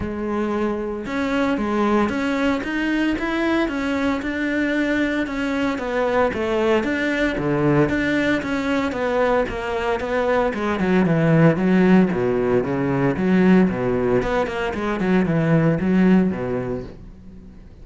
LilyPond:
\new Staff \with { instrumentName = "cello" } { \time 4/4 \tempo 4 = 114 gis2 cis'4 gis4 | cis'4 dis'4 e'4 cis'4 | d'2 cis'4 b4 | a4 d'4 d4 d'4 |
cis'4 b4 ais4 b4 | gis8 fis8 e4 fis4 b,4 | cis4 fis4 b,4 b8 ais8 | gis8 fis8 e4 fis4 b,4 | }